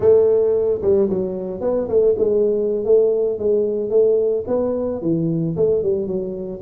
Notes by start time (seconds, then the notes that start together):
0.00 A3
0.82 G3
1.09 F#3
1.61 B3
1.88 A3
2.17 G#3
2.85 A3
3.39 G#3
3.90 A3
4.47 B3
5.01 E3
5.56 A3
5.82 G3
6.07 F#3